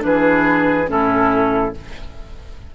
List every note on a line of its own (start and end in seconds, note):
0.00 0.88 E3
0.00 0.85 D4
0.00 0.89 B4
0.06 0.90 G#4
0.87 1.73 A2
0.87 1.72 C#4
0.87 1.75 E4
0.87 1.74 A4